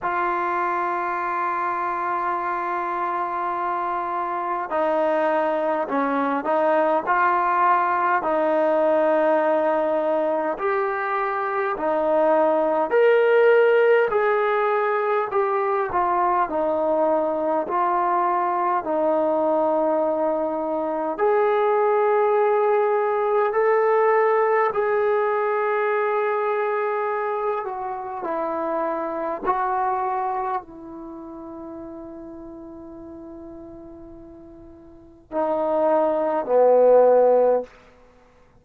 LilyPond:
\new Staff \with { instrumentName = "trombone" } { \time 4/4 \tempo 4 = 51 f'1 | dis'4 cis'8 dis'8 f'4 dis'4~ | dis'4 g'4 dis'4 ais'4 | gis'4 g'8 f'8 dis'4 f'4 |
dis'2 gis'2 | a'4 gis'2~ gis'8 fis'8 | e'4 fis'4 e'2~ | e'2 dis'4 b4 | }